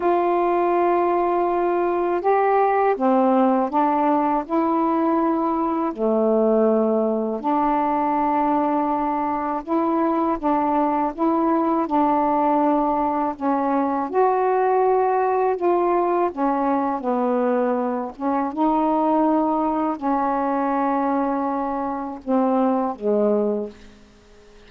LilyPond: \new Staff \with { instrumentName = "saxophone" } { \time 4/4 \tempo 4 = 81 f'2. g'4 | c'4 d'4 e'2 | a2 d'2~ | d'4 e'4 d'4 e'4 |
d'2 cis'4 fis'4~ | fis'4 f'4 cis'4 b4~ | b8 cis'8 dis'2 cis'4~ | cis'2 c'4 gis4 | }